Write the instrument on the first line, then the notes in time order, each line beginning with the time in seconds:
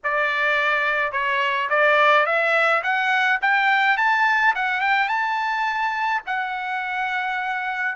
trumpet
0.03 D5
1.12 C#5
1.69 D5
2.25 E5
2.83 F#5
3.41 G5
3.97 A5
4.55 F#5
4.80 G5
5.08 A5
6.26 F#5